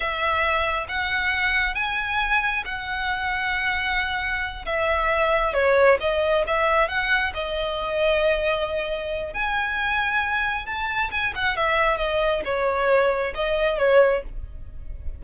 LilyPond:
\new Staff \with { instrumentName = "violin" } { \time 4/4 \tempo 4 = 135 e''2 fis''2 | gis''2 fis''2~ | fis''2~ fis''8 e''4.~ | e''8 cis''4 dis''4 e''4 fis''8~ |
fis''8 dis''2.~ dis''8~ | dis''4 gis''2. | a''4 gis''8 fis''8 e''4 dis''4 | cis''2 dis''4 cis''4 | }